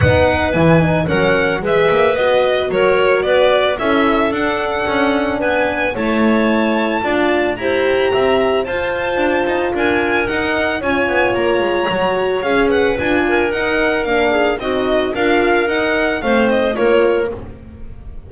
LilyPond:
<<
  \new Staff \with { instrumentName = "violin" } { \time 4/4 \tempo 4 = 111 fis''4 gis''4 fis''4 e''4 | dis''4 cis''4 d''4 e''4 | fis''2 gis''4 a''4~ | a''2 ais''2 |
a''2 gis''4 fis''4 | gis''4 ais''2 f''8 fis''8 | gis''4 fis''4 f''4 dis''4 | f''4 fis''4 f''8 dis''8 cis''4 | }
  \new Staff \with { instrumentName = "clarinet" } { \time 4/4 b'2 ais'4 b'4~ | b'4 ais'4 b'4 a'4~ | a'2 b'4 cis''4~ | cis''4 d''4 c''4 e''4 |
c''2 ais'2 | cis''2.~ cis''8 b'8~ | b'8 ais'2 gis'8 fis'4 | ais'2 c''4 ais'4 | }
  \new Staff \with { instrumentName = "horn" } { \time 4/4 dis'4 e'8 dis'8 cis'4 gis'4 | fis'2. e'4 | d'2. e'4~ | e'4 f'4 g'2 |
f'2. dis'4 | f'2 fis'4 gis'4 | f'4 dis'4 d'4 dis'4 | f'4 dis'4 c'4 f'4 | }
  \new Staff \with { instrumentName = "double bass" } { \time 4/4 b4 e4 fis4 gis8 ais8 | b4 fis4 b4 cis'4 | d'4 cis'4 b4 a4~ | a4 d'4 e'4 c'4 |
f'4 d'8 dis'8 d'4 dis'4 | cis'8 b8 ais8 gis8 fis4 cis'4 | d'4 dis'4 ais4 c'4 | d'4 dis'4 a4 ais4 | }
>>